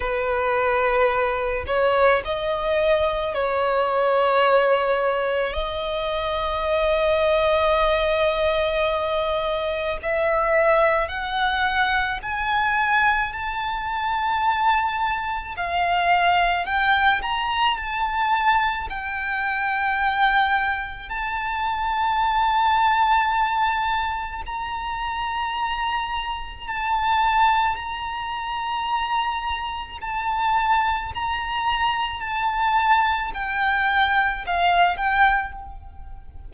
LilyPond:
\new Staff \with { instrumentName = "violin" } { \time 4/4 \tempo 4 = 54 b'4. cis''8 dis''4 cis''4~ | cis''4 dis''2.~ | dis''4 e''4 fis''4 gis''4 | a''2 f''4 g''8 ais''8 |
a''4 g''2 a''4~ | a''2 ais''2 | a''4 ais''2 a''4 | ais''4 a''4 g''4 f''8 g''8 | }